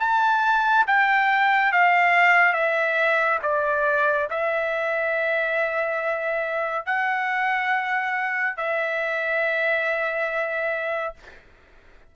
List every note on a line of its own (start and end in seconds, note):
0.00 0.86 A5
0.87 1.72 G5
1.72 2.53 F5
2.53 3.39 E5
3.42 4.28 D5
4.31 6.86 E5
6.86 8.57 F#5
8.57 11.14 E5